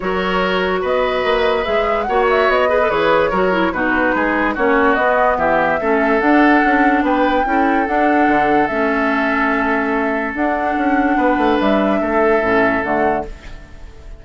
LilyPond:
<<
  \new Staff \with { instrumentName = "flute" } { \time 4/4 \tempo 4 = 145 cis''2 dis''2 | e''4 fis''8 e''8 dis''4 cis''4~ | cis''4 b'2 cis''4 | dis''4 e''2 fis''4~ |
fis''4 g''2 fis''4~ | fis''4 e''2.~ | e''4 fis''2. | e''2. fis''4 | }
  \new Staff \with { instrumentName = "oboe" } { \time 4/4 ais'2 b'2~ | b'4 cis''4. b'4. | ais'4 fis'4 gis'4 fis'4~ | fis'4 g'4 a'2~ |
a'4 b'4 a'2~ | a'1~ | a'2. b'4~ | b'4 a'2. | }
  \new Staff \with { instrumentName = "clarinet" } { \time 4/4 fis'1 | gis'4 fis'4. gis'16 a'16 gis'4 | fis'8 e'8 dis'2 cis'4 | b2 cis'4 d'4~ |
d'2 e'4 d'4~ | d'4 cis'2.~ | cis'4 d'2.~ | d'2 cis'4 a4 | }
  \new Staff \with { instrumentName = "bassoon" } { \time 4/4 fis2 b4 ais4 | gis4 ais4 b4 e4 | fis4 b,4 gis4 ais4 | b4 e4 a4 d'4 |
cis'4 b4 cis'4 d'4 | d4 a2.~ | a4 d'4 cis'4 b8 a8 | g4 a4 a,4 d4 | }
>>